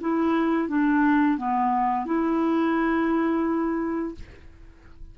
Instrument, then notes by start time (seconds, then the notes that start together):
clarinet
0.00 E4
0.68 D4
1.37 B3
2.05 E4